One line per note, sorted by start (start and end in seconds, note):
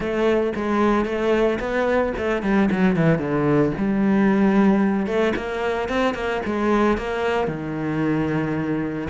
0.00 0.52 A3
0.55 1.05 G#3
1.05 1.58 A3
1.59 2.13 B3
2.17 2.42 A3
2.42 2.69 G3
2.71 2.95 F#3
2.95 3.18 E3
3.18 3.72 D3
3.77 5.06 G3
5.06 5.33 A3
5.36 5.89 A#3
5.89 6.14 C4
6.14 6.41 A#3
6.45 6.97 G#3
6.97 7.47 A#3
7.47 9.08 D#3